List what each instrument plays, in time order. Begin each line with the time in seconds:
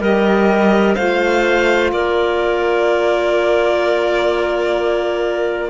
0.00 cello G3, saxophone G4, clarinet A#4, violin D#5
0.95 cello A3, saxophone F4, clarinet C5, violin F5
1.92 cello A#3, clarinet A#4, violin D5